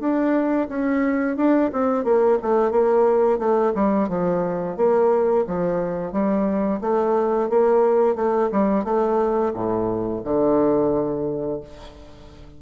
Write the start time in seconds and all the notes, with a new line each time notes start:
0.00 D4
0.69 C#4
1.37 D4
1.73 C4
2.04 A#3
2.42 A3
2.71 A#3
3.39 A3
3.75 G3
4.09 F3
4.77 A#3
5.47 F3
6.12 G3
6.81 A3
7.50 A#3
8.16 A3
8.52 G3
8.85 A3
9.54 A2
10.25 D3